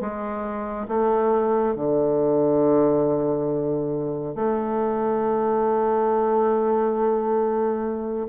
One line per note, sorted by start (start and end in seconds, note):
0.00 0.87 G#3
0.88 1.75 A3
1.75 4.35 D3
4.35 8.26 A3